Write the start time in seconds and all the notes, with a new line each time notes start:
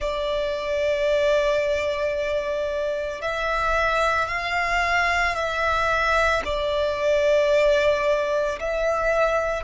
0.00 D5
3.21 E5
4.28 F5
5.35 E5
6.44 D5
8.59 E5